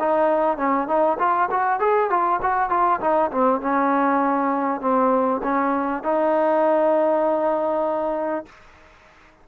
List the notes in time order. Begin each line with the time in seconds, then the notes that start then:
0.00 D#4
0.57 C#4
0.88 D#4
1.19 F4
1.51 F#4
1.80 G#4
2.10 F4
2.42 F#4
2.70 F4
3.01 D#4
3.32 C4
3.61 C#4
4.81 C4
5.43 C#4
6.03 D#4